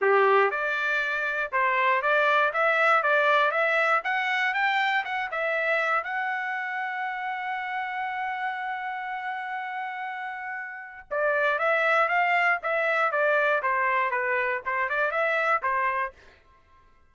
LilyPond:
\new Staff \with { instrumentName = "trumpet" } { \time 4/4 \tempo 4 = 119 g'4 d''2 c''4 | d''4 e''4 d''4 e''4 | fis''4 g''4 fis''8 e''4. | fis''1~ |
fis''1~ | fis''2 d''4 e''4 | f''4 e''4 d''4 c''4 | b'4 c''8 d''8 e''4 c''4 | }